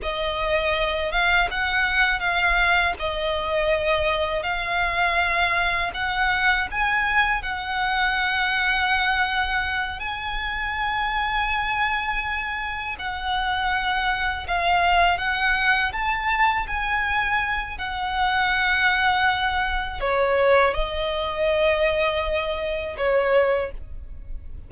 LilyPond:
\new Staff \with { instrumentName = "violin" } { \time 4/4 \tempo 4 = 81 dis''4. f''8 fis''4 f''4 | dis''2 f''2 | fis''4 gis''4 fis''2~ | fis''4. gis''2~ gis''8~ |
gis''4. fis''2 f''8~ | f''8 fis''4 a''4 gis''4. | fis''2. cis''4 | dis''2. cis''4 | }